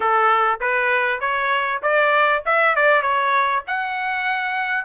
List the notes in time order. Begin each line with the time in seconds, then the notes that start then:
0.00 A4
0.60 B4
1.20 C#5
1.82 D5
2.45 E5
2.75 D5
3.02 C#5
3.67 F#5